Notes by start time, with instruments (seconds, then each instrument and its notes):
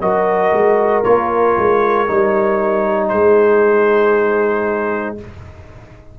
0.00 tuba F#3, trombone F#4, horn A#4, trumpet D#5
0.52 tuba G#3
1.03 tuba A#3, trombone F4, trumpet C#5
1.58 tuba G#3
2.07 tuba G3, trombone D#4
3.08 tuba G#3, horn G#4, trumpet C5